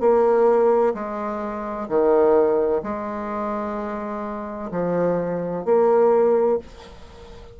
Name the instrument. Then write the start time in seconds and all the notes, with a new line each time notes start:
bassoon
0.00 A#3
0.94 G#3
1.88 D#3
2.83 G#3
4.71 F3
5.65 A#3